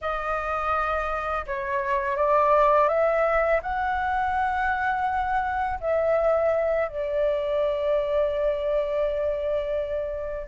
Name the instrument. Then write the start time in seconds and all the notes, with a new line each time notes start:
flute
0.01 D#5
1.46 C#5
2.16 D5
2.88 E5
3.62 F#5
5.80 E5
6.88 D5